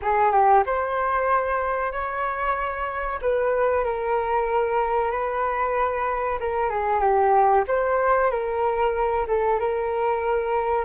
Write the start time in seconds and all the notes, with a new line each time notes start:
0.02 G#4
0.31 G4
0.66 C5
1.91 C#5
3.21 B4
3.84 A#4
5.11 B4
6.39 A#4
6.69 G#4
7.00 G4
7.67 C5
8.30 A#4
9.27 A4
9.59 A#4